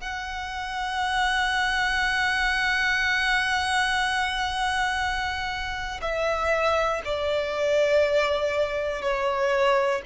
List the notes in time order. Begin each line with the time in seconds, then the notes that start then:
0.00 F#5
6.02 E5
7.05 D5
9.02 C#5